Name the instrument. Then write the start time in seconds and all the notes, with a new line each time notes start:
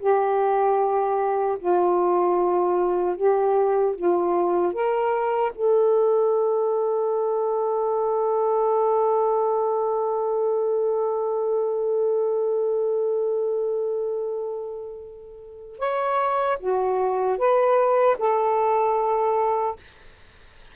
saxophone
0.00 G4
1.59 F4
3.17 G4
3.96 F4
4.73 A#4
5.55 A4
15.79 C#5
16.60 F#4
17.38 B4
18.18 A4